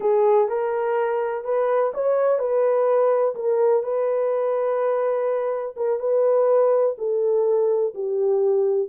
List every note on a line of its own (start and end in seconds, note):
0.00 0.48 G#4
0.48 1.44 A#4
1.44 1.92 B4
1.94 2.38 C#5
2.38 3.34 B4
3.35 3.83 A#4
3.83 5.75 B4
5.76 5.99 A#4
5.99 6.95 B4
6.97 7.93 A4
7.94 8.89 G4